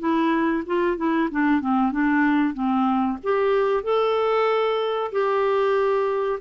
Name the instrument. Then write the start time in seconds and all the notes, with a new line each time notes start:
clarinet
0.00 E4
0.66 F4
0.97 E4
1.31 D4
1.61 C4
1.92 D4
2.54 C4
3.24 G4
3.84 A4
5.12 G4